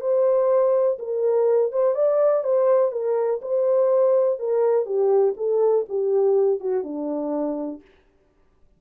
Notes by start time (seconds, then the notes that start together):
0.00 C5
0.98 A#4
1.71 C5
1.94 D5
2.43 C5
2.91 A#4
3.41 C5
4.39 A#4
4.85 G4
5.36 A4
5.88 G4
6.60 F#4
6.83 D4